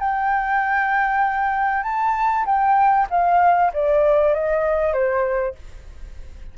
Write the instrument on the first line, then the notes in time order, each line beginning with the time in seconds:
flute
0.00 G5
1.84 A5
2.46 G5
3.10 F5
3.74 D5
4.34 D#5
4.93 C5